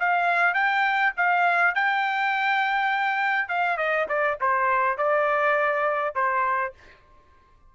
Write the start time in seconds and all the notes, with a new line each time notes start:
0.00 F5
0.55 G5
1.17 F5
1.75 G5
3.49 F5
3.78 D#5
4.09 D5
4.41 C5
4.98 D5
6.15 C5